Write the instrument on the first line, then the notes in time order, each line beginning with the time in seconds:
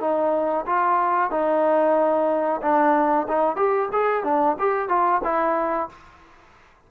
trombone
0.00 D#4
0.66 F4
1.30 D#4
2.61 D4
3.28 D#4
3.56 G4
3.92 G#4
4.24 D4
4.59 G4
4.89 F4
5.24 E4